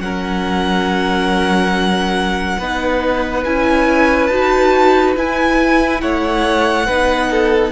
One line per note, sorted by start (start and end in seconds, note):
0.00 2.57 F#3
0.00 2.61 C#4
0.00 2.58 A#4
0.00 3.43 F#5
2.58 3.45 B3
2.58 3.45 D#4
2.58 6.01 B4
3.45 4.30 C#4
3.45 4.31 E4
3.45 4.27 G#5
4.27 5.15 D#4
4.27 5.16 F#4
4.27 5.13 A5
5.16 6.88 E4
5.16 6.02 E4
5.16 6.01 G#5
6.01 6.88 A3
6.01 6.86 C#5
6.01 7.72 F#5
6.86 7.72 B3
6.86 7.72 D#4
6.86 7.29 B4
7.31 7.72 A4